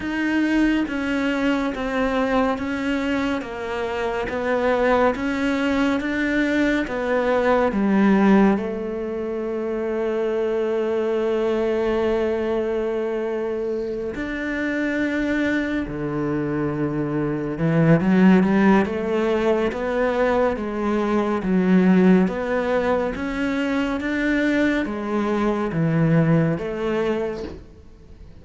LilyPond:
\new Staff \with { instrumentName = "cello" } { \time 4/4 \tempo 4 = 70 dis'4 cis'4 c'4 cis'4 | ais4 b4 cis'4 d'4 | b4 g4 a2~ | a1~ |
a8 d'2 d4.~ | d8 e8 fis8 g8 a4 b4 | gis4 fis4 b4 cis'4 | d'4 gis4 e4 a4 | }